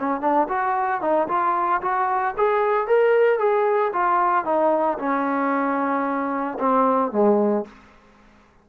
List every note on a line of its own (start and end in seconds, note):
0.00 0.21 C#4
0.21 0.48 D4
0.49 1.02 F#4
1.02 1.28 D#4
1.29 1.82 F4
1.82 2.35 F#4
2.38 2.88 G#4
2.88 3.39 A#4
3.39 3.92 G#4
3.93 4.45 F4
4.45 4.98 D#4
4.99 6.59 C#4
6.60 7.12 C4
7.12 7.65 G#3